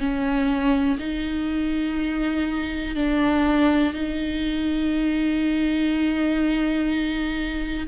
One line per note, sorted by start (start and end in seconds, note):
0.00 0.98 C#4
1.00 2.96 D#4
2.96 3.94 D4
3.94 7.87 D#4